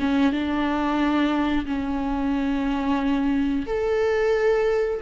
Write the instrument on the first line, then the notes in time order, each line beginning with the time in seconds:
viola
0.00 C#4
0.32 D4
1.66 C#4
3.67 A4